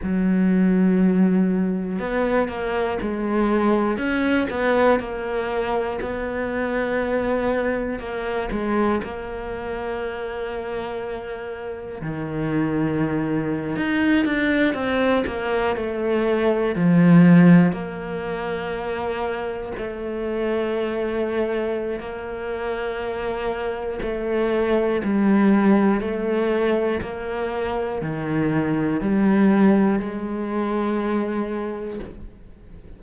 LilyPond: \new Staff \with { instrumentName = "cello" } { \time 4/4 \tempo 4 = 60 fis2 b8 ais8 gis4 | cis'8 b8 ais4 b2 | ais8 gis8 ais2. | dis4.~ dis16 dis'8 d'8 c'8 ais8 a16~ |
a8. f4 ais2 a16~ | a2 ais2 | a4 g4 a4 ais4 | dis4 g4 gis2 | }